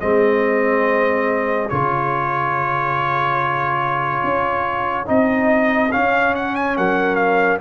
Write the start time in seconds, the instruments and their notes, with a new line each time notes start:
0.00 tuba G#3, trombone C4, horn G#4, trumpet D#5
1.69 tuba C#3, trombone F4, trumpet C#5
4.23 tuba C#4
5.05 tuba C4, trombone D#4, trumpet D#5
5.92 trombone C#4, tuba C#4, trumpet F5
6.35 trumpet F#5
6.55 trumpet G#5
6.77 tuba F#3, horn A#4, trumpet F#5
7.15 trumpet F5